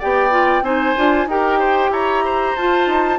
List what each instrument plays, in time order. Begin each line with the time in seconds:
0.00 bassoon B3, clarinet G4, oboe D5, flute G5
0.31 clarinet F4
0.62 bassoon C4, clarinet D#4, oboe C5, flute G#5
0.97 bassoon D4, clarinet F4
1.27 bassoon D#4, clarinet G4, oboe A#4, flute G5
1.59 oboe C5
1.90 bassoon E4, oboe C#5, flute A#5
2.25 oboe C5
2.56 bassoon F4, clarinet F4, flute A5
2.87 bassoon D#4